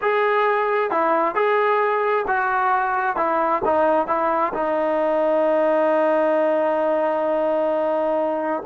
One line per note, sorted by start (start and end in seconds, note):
0.01 0.90 G#4
0.90 1.34 E4
1.34 2.25 G#4
2.27 3.16 F#4
3.16 3.62 E4
3.65 4.07 D#4
4.07 4.52 E4
4.53 8.62 D#4